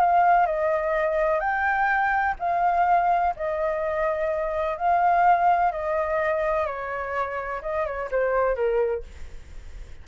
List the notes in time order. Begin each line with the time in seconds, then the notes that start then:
0.00 F5
0.46 D#5
1.40 G5
2.40 F5
3.36 D#5
4.77 F5
5.72 D#5
6.66 C#5
7.62 D#5
7.86 C#5
8.11 C5
8.56 A#4